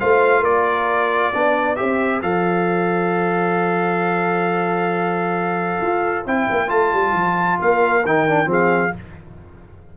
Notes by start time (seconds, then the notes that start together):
0.00 A3 F4 C5 F5
0.40 A#3 A#4 D5
1.33 B3 D4 D5
1.76 C4 G4 C5 E5
2.22 F3 A4 F5
5.82 F4
6.26 C4 E4 G5
6.50 A#3
6.68 A3 F4 A5
6.93 G3
7.13 F3
7.60 A#3 A#4 F5
8.05 D#3 D#4 G5
8.29 D4
8.45 F3 C4 G#4
8.52 F5